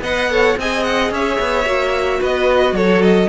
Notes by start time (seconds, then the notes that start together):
0.00 B3 B4 D#5 F#5
0.30 A4 C#5
0.57 C4 G#4 D#5 G#5
0.83 F#5
1.10 C#4 C#5 E5
1.39 B3
1.65 A#3 F#4
2.19 B3 B4 D#5
2.72 F#3 A4 C#5
3.02 D#5